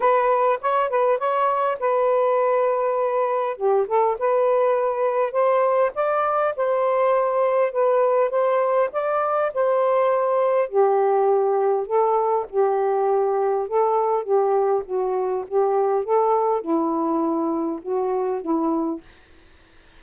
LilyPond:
\new Staff \with { instrumentName = "saxophone" } { \time 4/4 \tempo 4 = 101 b'4 cis''8 b'8 cis''4 b'4~ | b'2 g'8 a'8 b'4~ | b'4 c''4 d''4 c''4~ | c''4 b'4 c''4 d''4 |
c''2 g'2 | a'4 g'2 a'4 | g'4 fis'4 g'4 a'4 | e'2 fis'4 e'4 | }